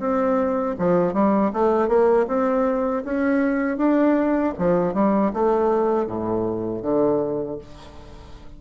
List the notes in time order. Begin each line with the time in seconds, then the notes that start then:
0.00 C4
0.79 F3
1.14 G3
1.53 A3
1.88 A#3
2.28 C4
3.05 C#4
3.78 D4
4.58 F3
4.94 G3
5.34 A3
6.07 A2
6.83 D3